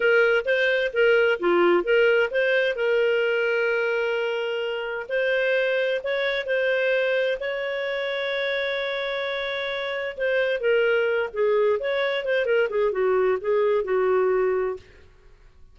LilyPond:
\new Staff \with { instrumentName = "clarinet" } { \time 4/4 \tempo 4 = 130 ais'4 c''4 ais'4 f'4 | ais'4 c''4 ais'2~ | ais'2. c''4~ | c''4 cis''4 c''2 |
cis''1~ | cis''2 c''4 ais'4~ | ais'8 gis'4 cis''4 c''8 ais'8 gis'8 | fis'4 gis'4 fis'2 | }